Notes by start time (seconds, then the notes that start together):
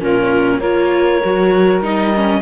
0.00 A#2 C#4 F4 A#4
0.59 A#3 F4 A#4 C#5
1.24 F#3 F#4
1.81 G3 D#4 D#5
2.15 C#4